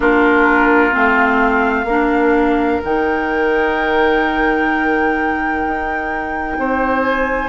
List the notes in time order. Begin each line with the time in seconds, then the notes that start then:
0.00 A#3 D4 F4 A#4
0.91 A3 C4 F5
1.84 A#3 D4 A#4
2.82 D#3 D#4 G5
5.65 D#4
6.57 C4 C5
7.01 G#5